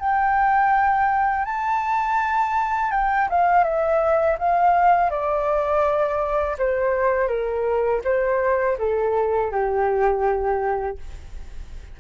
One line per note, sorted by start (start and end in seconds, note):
0.00 1.46 G5
1.46 2.92 A5
2.92 3.29 G5
3.30 3.64 F5
3.64 4.37 E5
4.39 5.11 F5
5.11 6.57 D5
6.59 7.28 C5
7.28 8.02 A#4
8.05 8.78 C5
8.79 9.52 A4
9.52 10.98 G4